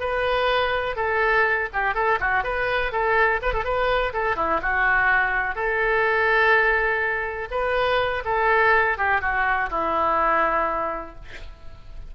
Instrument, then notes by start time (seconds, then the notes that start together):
oboe
0.00 B4
0.96 A4
1.73 G4
1.94 A4
2.20 F#4
2.44 B4
2.92 A4
3.42 B4
3.54 A4
3.64 B4
4.13 A4
4.36 E4
4.62 F#4
5.55 A4
7.51 B4
8.25 A4
8.98 G4
9.21 F#4
9.70 E4